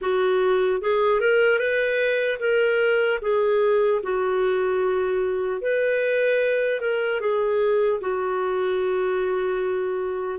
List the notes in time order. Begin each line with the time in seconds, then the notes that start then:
0.01 F#4
0.81 G#4
1.20 A#4
1.59 B4
2.39 A#4
3.21 G#4
4.03 F#4
5.61 B4
6.80 A#4
7.20 G#4
8.00 F#4